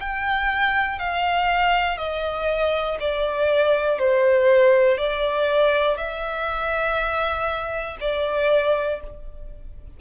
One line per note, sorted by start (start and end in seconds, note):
0.00 0.99 G5
0.99 1.98 F5
1.98 2.98 D#5
3.00 3.99 D5
3.99 4.98 C5
4.98 5.97 D5
5.97 7.97 E5
8.01 9.01 D5